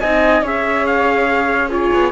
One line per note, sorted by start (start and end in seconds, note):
0.00 0.42 C4
0.00 0.44 D#4
0.00 0.42 D#5
0.00 0.42 G#5
0.42 1.90 C#4
0.42 1.70 G#4
0.42 1.69 C#5
0.42 0.86 E5
0.86 1.71 F5
1.69 2.12 F4
1.69 2.11 G#4
1.69 2.12 C#5
1.93 2.12 B3